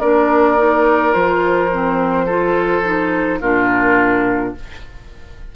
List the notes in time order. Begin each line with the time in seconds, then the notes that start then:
0.00 A#3 D4 A#4 D5
0.58 D#4
1.13 F3 F4 C5
1.72 C4
2.26 F4 A4
2.84 D#4
3.41 A#2 D4 F4 A#4